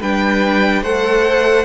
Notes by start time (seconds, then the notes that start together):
0.00 G3 D4 B4 G5
0.82 A3 A4 C5 F#5